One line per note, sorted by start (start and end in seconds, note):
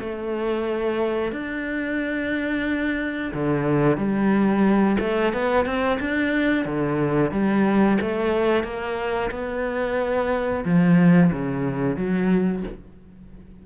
0.00 1.32 A3
1.32 3.32 D4
3.34 3.98 D3
3.98 4.98 G3
5.00 5.33 A3
5.34 5.66 B3
5.66 5.99 C4
6.00 6.65 D4
6.65 7.32 D3
7.32 7.98 G3
8.02 8.64 A3
8.64 9.31 A#3
9.31 10.65 B3
10.65 11.32 F3
11.33 11.97 C#3
11.97 12.63 F#3